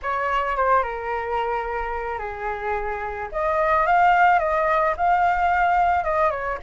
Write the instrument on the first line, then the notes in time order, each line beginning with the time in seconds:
flute
0.02 C#5
0.56 C5
0.82 A#4
2.18 G#4
3.32 D#5
3.86 F5
4.39 D#5
4.96 F5
6.04 D#5
6.30 C#5